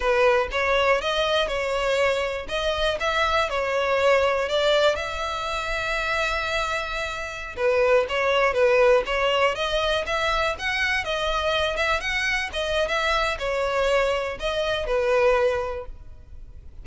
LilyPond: \new Staff \with { instrumentName = "violin" } { \time 4/4 \tempo 4 = 121 b'4 cis''4 dis''4 cis''4~ | cis''4 dis''4 e''4 cis''4~ | cis''4 d''4 e''2~ | e''2.~ e''16 b'8.~ |
b'16 cis''4 b'4 cis''4 dis''8.~ | dis''16 e''4 fis''4 dis''4. e''16~ | e''16 fis''4 dis''8. e''4 cis''4~ | cis''4 dis''4 b'2 | }